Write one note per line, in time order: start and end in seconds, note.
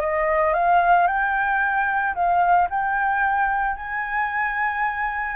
0.00 0.53 D#5
0.53 1.07 F5
1.07 2.14 G5
2.15 2.68 F5
2.70 3.76 G5
3.76 5.36 G#5